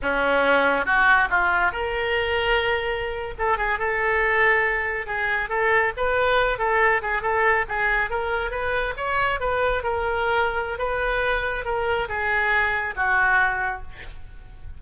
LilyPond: \new Staff \with { instrumentName = "oboe" } { \time 4/4 \tempo 4 = 139 cis'2 fis'4 f'4 | ais'2.~ ais'8. a'16~ | a'16 gis'8 a'2. gis'16~ | gis'8. a'4 b'4. a'8.~ |
a'16 gis'8 a'4 gis'4 ais'4 b'16~ | b'8. cis''4 b'4 ais'4~ ais'16~ | ais'4 b'2 ais'4 | gis'2 fis'2 | }